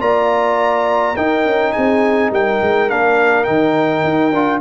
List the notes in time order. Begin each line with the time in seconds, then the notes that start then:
0.00 A#3 F4 D5 A#5
1.15 D#4 A#4 G5
1.46 C#4
1.73 C4 G#4 G#5
2.31 G3 A#4 G5
2.62 G#3
2.89 A#3 D4 F5
3.44 D#3 D#4 G5
4.04 D#4
4.32 D4 F4